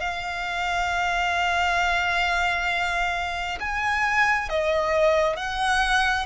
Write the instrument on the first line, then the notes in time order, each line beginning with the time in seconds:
violin
0.00 F5
3.60 G#5
4.49 D#5
5.36 F#5